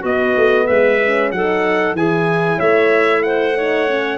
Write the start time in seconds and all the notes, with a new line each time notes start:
0.00 B3 F#4 D#5
0.06 B3
0.36 A3
0.66 G#3 B4 E5
1.03 C#4
1.31 F#3 D#4 A4 F#5
1.93 E3 E4 G#4 G#5
2.58 A3 C#5 E5
3.23 C5 F#5
3.57 D#4 C#5
3.87 C#4